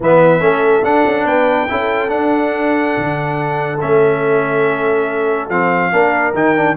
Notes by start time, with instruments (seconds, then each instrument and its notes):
0.00 tuba E3, trombone B3, horn B4, trumpet E5
0.39 tuba A3, trombone C#4, horn A4
0.83 tuba D4, trombone D4, trumpet F#5
1.05 tuba C#4
1.24 tuba B3, horn B4, trumpet G5
1.68 tuba C#4, trombone E4, horn A4
2.08 trombone D4, tuba D4, trumpet F#5
2.97 tuba D3
3.80 tuba A3, trombone C#4, trumpet E5
5.49 tuba F3, trombone C4, trumpet F5
5.91 tuba A#3, trombone D4, horn A#4
6.33 tuba D#3, trombone D#4, trumpet G5
6.55 trombone D4